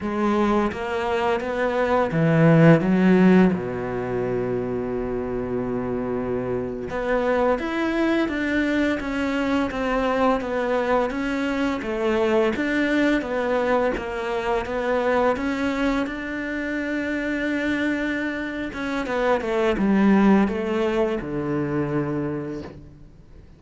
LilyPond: \new Staff \with { instrumentName = "cello" } { \time 4/4 \tempo 4 = 85 gis4 ais4 b4 e4 | fis4 b,2.~ | b,4.~ b,16 b4 e'4 d'16~ | d'8. cis'4 c'4 b4 cis'16~ |
cis'8. a4 d'4 b4 ais16~ | ais8. b4 cis'4 d'4~ d'16~ | d'2~ d'8 cis'8 b8 a8 | g4 a4 d2 | }